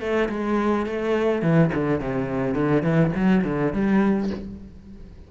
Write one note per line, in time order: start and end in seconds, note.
0.00 0.29 A3
0.29 0.86 G#3
0.86 1.42 A3
1.42 1.70 E3
1.74 2.00 D3
2.00 2.54 C3
2.54 2.82 D3
2.82 3.11 E3
3.15 3.44 F#3
3.44 3.73 D3
3.73 4.30 G3